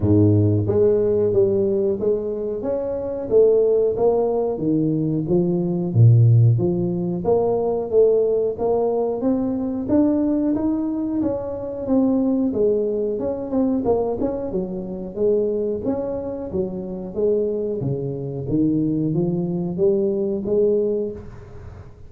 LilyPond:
\new Staff \with { instrumentName = "tuba" } { \time 4/4 \tempo 4 = 91 gis,4 gis4 g4 gis4 | cis'4 a4 ais4 dis4 | f4 ais,4 f4 ais4 | a4 ais4 c'4 d'4 |
dis'4 cis'4 c'4 gis4 | cis'8 c'8 ais8 cis'8 fis4 gis4 | cis'4 fis4 gis4 cis4 | dis4 f4 g4 gis4 | }